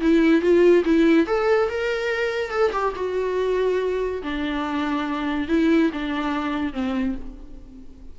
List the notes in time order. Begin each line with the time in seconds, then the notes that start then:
0.00 E4
0.41 F4
0.84 E4
1.26 A4
1.68 A#4
2.50 A4
2.72 G4
2.95 F#4
4.22 D4
5.48 E4
5.92 D4
6.73 C4